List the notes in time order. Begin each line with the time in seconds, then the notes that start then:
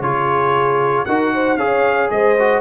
0.00 C#3 F4 G#4 C#5
1.05 D#4 F#4 A#4 F#5
1.34 C5
1.57 C#4 G#4 C#5 F5
2.11 G#3 C5 D#5
2.39 F#4